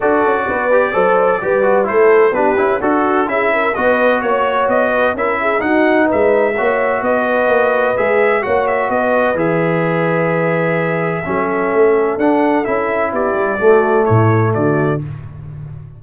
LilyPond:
<<
  \new Staff \with { instrumentName = "trumpet" } { \time 4/4 \tempo 4 = 128 d''1 | c''4 b'4 a'4 e''4 | dis''4 cis''4 dis''4 e''4 | fis''4 e''2 dis''4~ |
dis''4 e''4 fis''8 e''8 dis''4 | e''1~ | e''2 fis''4 e''4 | d''2 cis''4 d''4 | }
  \new Staff \with { instrumentName = "horn" } { \time 4/4 a'4 b'4 c''4 b'4 | a'4 g'4 fis'4 gis'8 ais'8 | b'4 cis''4. b'8 ais'8 gis'8 | fis'4 b'4 cis''4 b'4~ |
b'2 cis''4 b'4~ | b'1 | a'1 | g'4 fis'4 e'4 fis'4 | }
  \new Staff \with { instrumentName = "trombone" } { \time 4/4 fis'4. g'8 a'4 g'8 fis'8 | e'4 d'8 e'8 fis'4 e'4 | fis'2. e'4 | dis'2 fis'2~ |
fis'4 gis'4 fis'2 | gis'1 | cis'2 d'4 e'4~ | e'4 a2. | }
  \new Staff \with { instrumentName = "tuba" } { \time 4/4 d'8 cis'8 b4 fis4 g4 | a4 b8 cis'8 d'4 cis'4 | b4 ais4 b4 cis'4 | dis'4 gis4 ais4 b4 |
ais4 gis4 ais4 b4 | e1 | fis4 a4 d'4 cis'4 | b8 g8 a4 a,4 d4 | }
>>